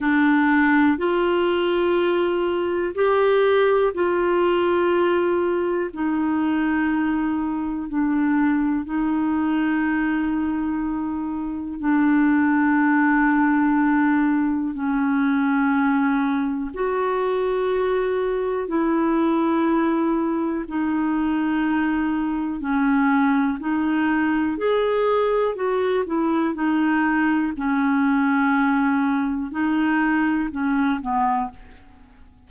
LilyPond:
\new Staff \with { instrumentName = "clarinet" } { \time 4/4 \tempo 4 = 61 d'4 f'2 g'4 | f'2 dis'2 | d'4 dis'2. | d'2. cis'4~ |
cis'4 fis'2 e'4~ | e'4 dis'2 cis'4 | dis'4 gis'4 fis'8 e'8 dis'4 | cis'2 dis'4 cis'8 b8 | }